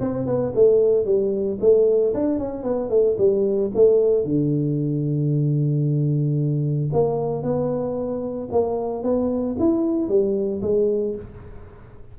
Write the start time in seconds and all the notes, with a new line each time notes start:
0.00 C4
0.26 B3
0.55 A3
1.05 G3
1.60 A3
2.14 D4
2.38 C#4
2.63 B3
2.90 A3
3.18 G3
3.75 A3
4.24 D3
6.92 A#3
7.42 B3
8.51 A#3
9.03 B3
9.59 E4
10.08 G3
10.62 G#3